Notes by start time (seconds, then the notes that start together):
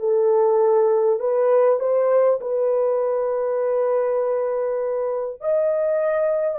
0.00 A4
1.19 B4
1.79 C5
2.41 B4
5.41 D#5